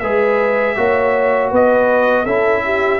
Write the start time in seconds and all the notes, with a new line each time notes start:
0.00 G#3 G#4 B4 E5
0.76 A#3 F#4 C#5
1.52 B3 B4 D#5
2.24 C#4 E4 A4 E5
2.65 G4